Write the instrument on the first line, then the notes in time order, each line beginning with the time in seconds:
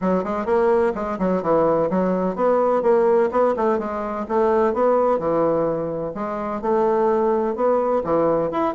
bassoon
0.01 F#3
0.23 G#3
0.45 A#3
0.94 G#3
1.18 F#3
1.42 E3
1.89 F#3
2.35 B3
2.82 A#3
3.31 B3
3.56 A3
3.78 G#3
4.28 A3
4.73 B3
5.18 E3
6.14 G#3
6.61 A3
7.55 B3
8.04 E3
8.51 E4